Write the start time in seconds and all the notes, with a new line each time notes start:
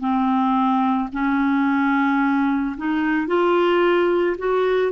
0.00 C4
1.13 C#4
2.77 D#4
3.27 F4
4.38 F#4